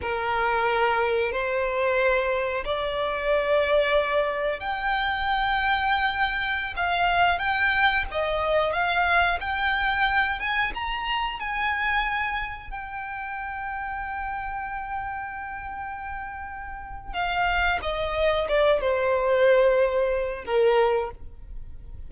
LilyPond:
\new Staff \with { instrumentName = "violin" } { \time 4/4 \tempo 4 = 91 ais'2 c''2 | d''2. g''4~ | g''2~ g''16 f''4 g''8.~ | g''16 dis''4 f''4 g''4. gis''16~ |
gis''16 ais''4 gis''2 g''8.~ | g''1~ | g''2 f''4 dis''4 | d''8 c''2~ c''8 ais'4 | }